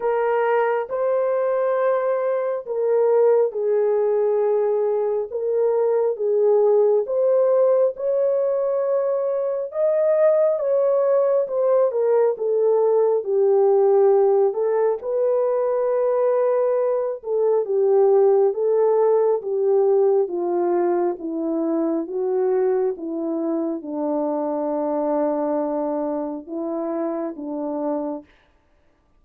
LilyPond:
\new Staff \with { instrumentName = "horn" } { \time 4/4 \tempo 4 = 68 ais'4 c''2 ais'4 | gis'2 ais'4 gis'4 | c''4 cis''2 dis''4 | cis''4 c''8 ais'8 a'4 g'4~ |
g'8 a'8 b'2~ b'8 a'8 | g'4 a'4 g'4 f'4 | e'4 fis'4 e'4 d'4~ | d'2 e'4 d'4 | }